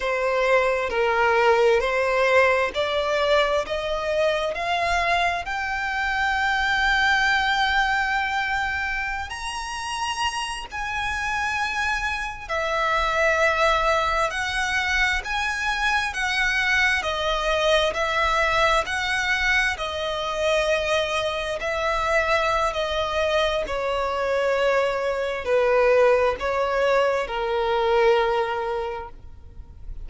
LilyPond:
\new Staff \with { instrumentName = "violin" } { \time 4/4 \tempo 4 = 66 c''4 ais'4 c''4 d''4 | dis''4 f''4 g''2~ | g''2~ g''16 ais''4. gis''16~ | gis''4.~ gis''16 e''2 fis''16~ |
fis''8. gis''4 fis''4 dis''4 e''16~ | e''8. fis''4 dis''2 e''16~ | e''4 dis''4 cis''2 | b'4 cis''4 ais'2 | }